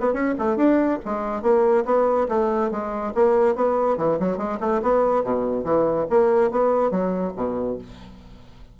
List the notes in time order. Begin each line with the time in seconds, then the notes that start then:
0.00 B3
0.13 C#4
0.38 A3
0.56 D4
1.04 G#3
1.42 A#3
1.85 B3
2.28 A3
2.71 G#3
3.15 A#3
3.55 B3
3.97 E3
4.19 F#3
4.37 G#3
4.60 A3
4.82 B3
5.24 B2
5.64 E3
6.10 A#3
6.51 B3
6.91 F#3
7.36 B2